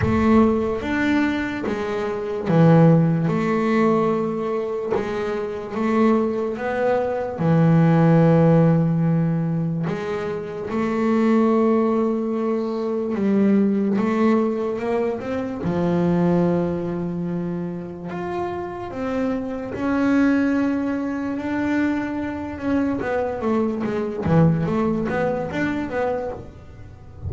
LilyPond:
\new Staff \with { instrumentName = "double bass" } { \time 4/4 \tempo 4 = 73 a4 d'4 gis4 e4 | a2 gis4 a4 | b4 e2. | gis4 a2. |
g4 a4 ais8 c'8 f4~ | f2 f'4 c'4 | cis'2 d'4. cis'8 | b8 a8 gis8 e8 a8 b8 d'8 b8 | }